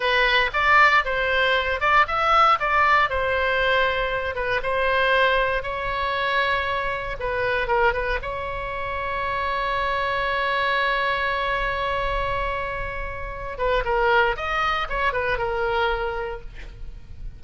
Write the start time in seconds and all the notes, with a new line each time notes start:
0.00 B4
0.53 D5
1.04 C5
1.80 D5
2.07 E5
2.59 D5
3.09 C5
4.35 B4
4.62 C5
5.62 C#5
7.19 B4
7.67 A#4
7.93 B4
8.22 C#5
13.58 B4
13.85 A#4
14.36 D#5
14.89 C#5
15.12 B4
15.38 A#4